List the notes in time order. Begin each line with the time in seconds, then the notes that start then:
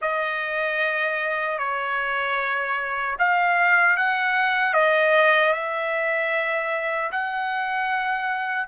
0.01 D#5
1.58 C#5
3.18 F5
3.96 F#5
4.73 D#5
5.53 E5
7.11 F#5